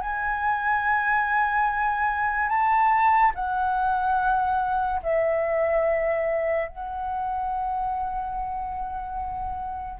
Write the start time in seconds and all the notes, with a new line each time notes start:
0.00 G#5
2.48 A5
3.34 F#5
5.02 E5
6.68 F#5